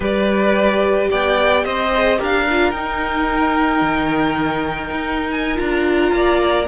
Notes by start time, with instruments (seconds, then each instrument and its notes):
0.00 cello G3, viola G4, violin B4 D5
1.10 cello B3, violin D5 G5
1.64 cello C4, violin C5 D#5
1.94 viola G#4
2.17 cello D4, viola G4, violin A#4
2.23 violin F5
2.49 viola F4
2.71 cello D#4, viola D#4, violin G5
3.81 cello D#3
4.90 cello D#4
5.31 violin G#5
5.55 cello D4, viola F4, violin A#5
6.12 cello A#3, violin D5